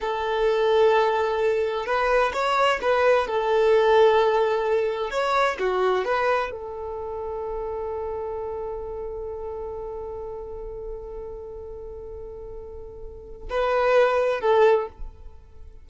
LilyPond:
\new Staff \with { instrumentName = "violin" } { \time 4/4 \tempo 4 = 129 a'1 | b'4 cis''4 b'4 a'4~ | a'2. cis''4 | fis'4 b'4 a'2~ |
a'1~ | a'1~ | a'1~ | a'4 b'2 a'4 | }